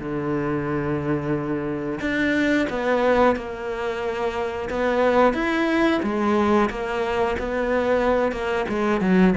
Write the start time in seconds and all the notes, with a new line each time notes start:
0.00 D3
2.01 D4
2.70 B3
3.36 A#3
4.70 B3
5.34 E4
6.03 G#3
6.70 A#3
7.39 B3
8.32 A#3
8.69 G#3
9.01 F#3